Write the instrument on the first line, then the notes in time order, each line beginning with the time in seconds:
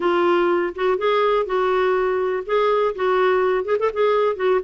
clarinet
0.00 F4
0.75 F#4
0.98 G#4
1.46 F#4
2.45 G#4
2.95 F#4
3.65 G#4
3.79 A4
3.93 G#4
4.36 F#4